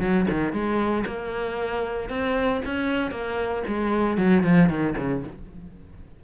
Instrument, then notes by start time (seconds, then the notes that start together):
cello
0.00 F#3
0.30 D#3
0.52 G#3
1.06 A#3
2.09 C4
2.65 C#4
3.11 A#3
3.67 G#3
4.17 F#3
4.43 F3
4.69 D#3
4.97 C#3